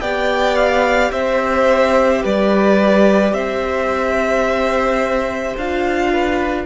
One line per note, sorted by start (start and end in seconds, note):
0.00 1.11 B3
0.00 5.58 G4
0.00 1.12 D5
0.00 0.55 G5
0.55 1.11 F5
1.12 2.23 C4
1.12 2.23 C5
1.12 2.23 E5
2.23 3.33 G3
2.23 3.34 B4
2.23 3.34 D5
3.33 5.55 C4
3.33 6.12 C5
3.33 5.56 E5
5.56 6.66 D4
5.56 6.66 F4
5.56 6.66 F5
6.12 6.66 B4